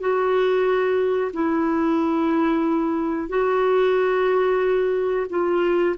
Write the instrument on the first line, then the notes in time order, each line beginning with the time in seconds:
clarinet
0.00 F#4
1.33 E4
3.29 F#4
5.30 F4